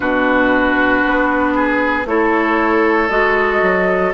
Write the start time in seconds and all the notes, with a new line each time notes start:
0.00 B2 D4 F#4 B4
1.04 B3
1.55 G#4
2.05 A3 E4 A4 C#5
3.09 G#3 F#4 D#5
3.61 F#3